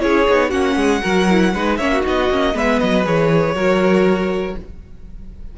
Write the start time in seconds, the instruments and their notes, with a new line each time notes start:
0.00 cello C#4, viola E4, violin G#4 C#5
0.29 cello B3, viola D#4
0.50 cello A#3, viola C#4, violin F#4 F#5
0.76 cello G#3, violin G#4
1.02 cello F#3, viola F#4, violin A#4
1.30 viola E4
1.54 cello G#3, viola D#4, violin B4
1.77 cello A#3, viola C#4, violin C#5 E5
1.92 violin F#4
2.01 cello B3, viola D#4
2.08 violin D#5
2.30 cello A#3, viola C#4
2.54 cello G#3, viola B3, violin B4 E5
2.79 cello F#3, violin D#5
3.05 cello E3, viola G#4, violin C#5
3.55 cello F#3, viola F#4, violin A#4